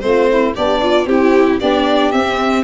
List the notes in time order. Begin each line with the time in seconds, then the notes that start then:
0.00 A3 C4 F4 C5
0.29 E4
0.54 B3 D4 G4 D5
0.81 F4
1.06 C4 E4 G4
1.59 B3 D4 G4 D5
2.11 C4 E5